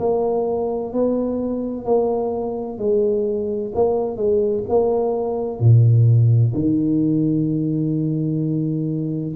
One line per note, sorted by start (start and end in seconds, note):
0.00 0.93 A#3
0.93 1.85 B3
1.85 2.79 A#3
2.79 3.72 G#3
3.75 4.17 A#3
4.17 4.64 G#3
4.69 5.60 A#3
5.60 6.54 A#2
6.55 9.36 D#3